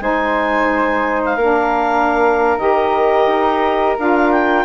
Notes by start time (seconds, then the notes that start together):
0.00 G#3 D#4 C5 G#5
1.25 F5
1.36 A#3 D4 A#4
2.58 D#3 G4 D#5
3.26 D#4
3.98 D4 F4 F5
4.32 G5